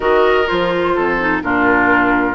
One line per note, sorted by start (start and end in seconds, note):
0.00 0.47 D#3
0.00 0.45 F#4
0.00 0.93 A#4
0.00 0.47 D#5
0.47 0.97 F3
0.47 1.18 F4
0.47 1.41 C5
0.95 1.43 F2
0.95 1.42 A4
1.19 1.42 D#4
1.42 2.35 A#2
1.42 2.35 D4
1.42 2.35 F4
1.42 2.35 A#4